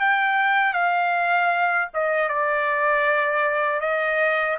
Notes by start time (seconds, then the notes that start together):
0.00 G5
0.73 F5
1.94 D#5
2.28 D5
3.80 D#5